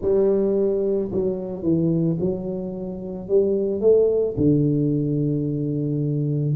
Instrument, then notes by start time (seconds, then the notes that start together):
tuba
0.01 G3
1.11 F#3
1.62 E3
2.20 F#3
3.28 G3
3.80 A3
4.37 D3